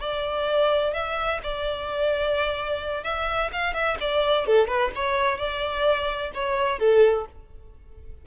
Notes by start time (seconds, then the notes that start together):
0.00 D5
0.94 E5
1.43 D5
3.04 E5
3.52 F5
3.74 E5
4.00 D5
4.46 A4
4.68 B4
4.95 C#5
5.38 D5
6.34 C#5
6.79 A4